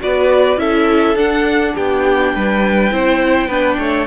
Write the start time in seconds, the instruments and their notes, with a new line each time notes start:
0.00 cello B3, viola F#4, violin B4 D5
0.57 cello C#4, viola E4, violin A4 E5
1.16 cello D4, viola D4, violin F#5
1.75 cello B3, violin G4 G5
2.35 cello G3, violin B4
2.91 cello C4, viola E4, violin C5
3.47 cello B3, viola D4, violin B4
3.79 cello A3, violin C#5